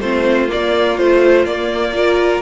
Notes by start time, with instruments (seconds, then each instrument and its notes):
0.00 cello A3, viola C4, violin F4 C5
0.48 viola A#3, violin D5
0.54 cello A#3
0.97 viola F3, cello A3, violin C5
1.46 cello A#3, viola A#3, violin D5
1.94 viola F4, violin A#4